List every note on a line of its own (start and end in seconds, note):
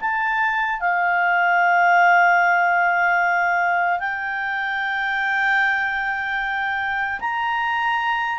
0.00 0.80 A5
0.80 3.99 F5
3.99 7.19 G5
7.20 8.39 A#5